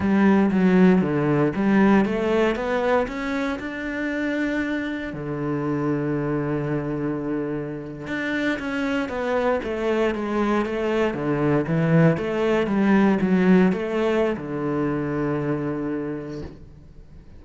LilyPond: \new Staff \with { instrumentName = "cello" } { \time 4/4 \tempo 4 = 117 g4 fis4 d4 g4 | a4 b4 cis'4 d'4~ | d'2 d2~ | d2.~ d8. d'16~ |
d'8. cis'4 b4 a4 gis16~ | gis8. a4 d4 e4 a16~ | a8. g4 fis4 a4~ a16 | d1 | }